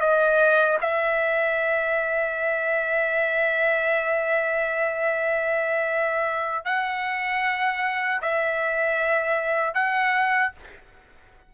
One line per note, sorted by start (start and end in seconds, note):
0.00 0.78 D#5
0.81 6.65 E5
6.65 8.21 F#5
8.21 9.74 E5
9.74 10.52 F#5